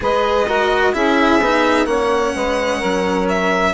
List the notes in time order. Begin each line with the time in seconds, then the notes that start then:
0.00 G#3 G#4 B4 D#5
0.46 F#4 A#4
0.93 C#4 E4 G#4 E5
1.40 B3 D#4
1.85 A#3 C#4 C#5 F#5
2.35 G#3 B4
2.78 F#3 A#4
3.28 E5